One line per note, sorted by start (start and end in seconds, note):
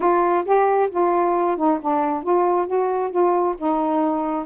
0.00 0.44 F4
0.45 0.89 G4
0.90 1.57 F4
1.57 1.79 D#4
1.81 2.23 D4
2.23 2.66 F4
2.66 3.10 F#4
3.10 3.55 F4
3.57 4.45 D#4